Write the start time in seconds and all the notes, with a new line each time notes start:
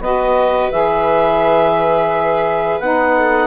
0.00 B3 F#4 B4 D#5
0.71 E3 G#4 E5
2.80 B3 D#4 F#5
3.17 A4